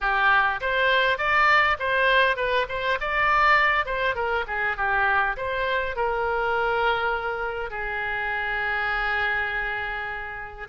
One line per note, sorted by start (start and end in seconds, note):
0.01 0.60 G4
0.60 1.17 C5
1.17 1.77 D5
1.79 2.36 C5
2.36 2.66 B4
2.68 2.98 C5
3.00 3.85 D5
3.85 4.15 C5
4.15 4.44 A#4
4.47 4.77 G#4
4.77 5.36 G4
5.36 5.95 C5
5.95 7.70 A#4
7.70 10.67 G#4